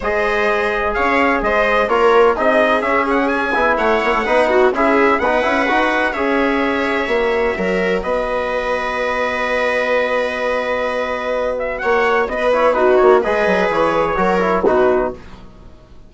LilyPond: <<
  \new Staff \with { instrumentName = "trumpet" } { \time 4/4 \tempo 4 = 127 dis''2 f''4 dis''4 | cis''4 dis''4 e''8 fis''8 gis''4 | fis''2 e''4 fis''4~ | fis''4 e''2.~ |
e''4 dis''2.~ | dis''1~ | dis''8 e''8 fis''4 dis''8 cis''8 b'8 cis''8 | dis''4 cis''2 b'4 | }
  \new Staff \with { instrumentName = "viola" } { \time 4/4 c''2 cis''4 c''4 | ais'4 gis'2. | cis''4 b'8 fis'8 gis'4 b'4~ | b'4 cis''2. |
ais'4 b'2.~ | b'1~ | b'4 cis''4 b'4 fis'4 | b'2 ais'4 fis'4 | }
  \new Staff \with { instrumentName = "trombone" } { \time 4/4 gis'1 | f'4 dis'4 cis'4. e'8~ | e'4 dis'4 e'4 dis'8 e'8 | fis'4 gis'2 fis'4~ |
fis'1~ | fis'1~ | fis'2~ fis'8 e'8 dis'4 | gis'2 fis'8 e'8 dis'4 | }
  \new Staff \with { instrumentName = "bassoon" } { \time 4/4 gis2 cis'4 gis4 | ais4 c'4 cis'4. b8 | a8 ais16 a16 b4 cis'4 b8 cis'8 | dis'4 cis'2 ais4 |
fis4 b2.~ | b1~ | b4 ais4 b4. ais8 | gis8 fis8 e4 fis4 b,4 | }
>>